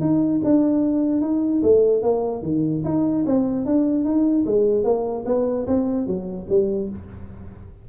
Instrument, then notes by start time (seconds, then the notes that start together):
tuba
0.00 D#4
0.44 D4
1.21 D#4
1.62 A3
2.02 A#3
2.42 D#3
2.84 D#4
3.25 C4
3.65 D4
4.04 D#4
4.46 G#3
4.84 A#3
5.25 B3
5.66 C4
6.06 F#3
6.49 G3